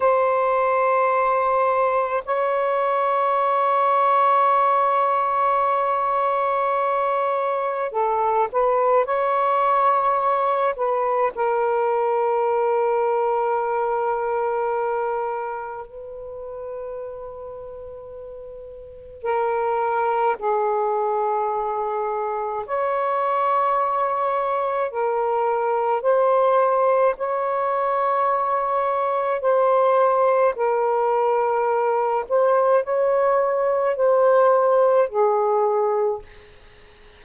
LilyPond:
\new Staff \with { instrumentName = "saxophone" } { \time 4/4 \tempo 4 = 53 c''2 cis''2~ | cis''2. a'8 b'8 | cis''4. b'8 ais'2~ | ais'2 b'2~ |
b'4 ais'4 gis'2 | cis''2 ais'4 c''4 | cis''2 c''4 ais'4~ | ais'8 c''8 cis''4 c''4 gis'4 | }